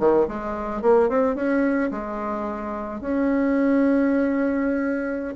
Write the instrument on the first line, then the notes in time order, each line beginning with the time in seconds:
bassoon
0.00 D#3
0.28 G#3
0.82 A#3
1.09 C4
1.36 C#4
1.92 G#3
3.01 C#4